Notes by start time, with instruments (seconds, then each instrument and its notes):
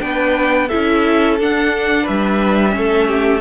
0.00 cello B3, viola D4, violin B4 G5
0.68 viola E4, violin A4 E5
0.75 cello C#4
1.40 cello D4, viola D4, violin F#5
2.03 cello G3, violin B4 E5
2.71 cello A3, viola C#4, violin A4
3.07 violin G4